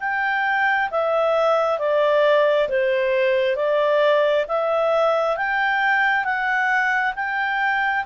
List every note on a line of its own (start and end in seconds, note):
0.00 0.90 G5
0.91 1.79 E5
1.79 2.68 D5
2.69 3.56 C5
3.56 4.46 D5
4.48 5.36 E5
5.36 6.24 G5
6.24 7.14 F#5
7.16 8.05 G5